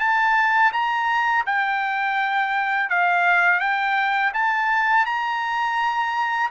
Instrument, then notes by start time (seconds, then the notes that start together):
trumpet
0.00 A5
0.73 A#5
1.46 G5
2.90 F5
3.60 G5
4.34 A5
5.06 A#5